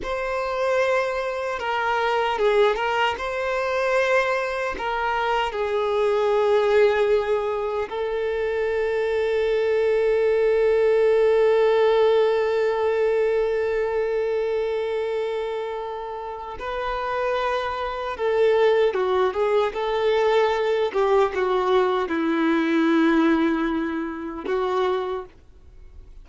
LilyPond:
\new Staff \with { instrumentName = "violin" } { \time 4/4 \tempo 4 = 76 c''2 ais'4 gis'8 ais'8 | c''2 ais'4 gis'4~ | gis'2 a'2~ | a'1~ |
a'1~ | a'4 b'2 a'4 | fis'8 gis'8 a'4. g'8 fis'4 | e'2. fis'4 | }